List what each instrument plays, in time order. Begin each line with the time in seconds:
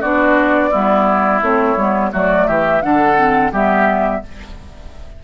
0.00 bassoon B3, clarinet D4, oboe F#4, flute D5
0.71 bassoon G3, clarinet B3, oboe E4
1.42 bassoon A3, clarinet C4, flute C#5
1.76 bassoon G3, clarinet B3
2.12 bassoon F#3, clarinet A3, oboe F#4, flute D5
2.47 bassoon E3, oboe G4, flute E5
2.82 bassoon D3, clarinet D4, oboe A4, flute F#5
3.17 clarinet C4
3.52 bassoon G3, clarinet B3, oboe G4, flute E5